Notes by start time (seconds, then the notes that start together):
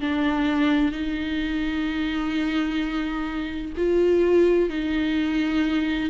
0.00 D4
0.92 D#4
3.77 F4
4.70 D#4